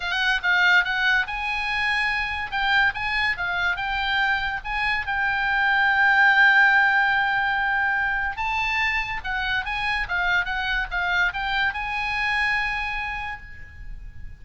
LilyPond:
\new Staff \with { instrumentName = "oboe" } { \time 4/4 \tempo 4 = 143 fis''4 f''4 fis''4 gis''4~ | gis''2 g''4 gis''4 | f''4 g''2 gis''4 | g''1~ |
g''1 | a''2 fis''4 gis''4 | f''4 fis''4 f''4 g''4 | gis''1 | }